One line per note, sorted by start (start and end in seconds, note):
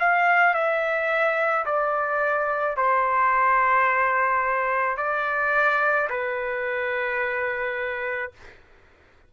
0.00 0.55 F5
0.55 1.66 E5
1.66 2.77 D5
2.77 4.97 C5
4.97 6.09 D5
6.10 8.32 B4